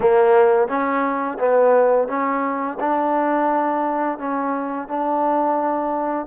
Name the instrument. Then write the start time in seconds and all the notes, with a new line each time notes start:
trombone
0.00 A#3
0.68 C#4
1.39 B3
2.08 C#4
2.79 D4
4.18 C#4
4.88 D4